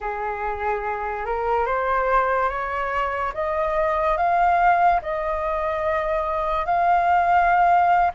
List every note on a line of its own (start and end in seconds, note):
0.00 1.25 G#4
1.25 1.66 A#4
1.66 2.49 C5
2.49 3.32 C#5
3.34 4.17 D#5
4.17 5.00 F5
5.02 6.65 D#5
6.65 8.11 F5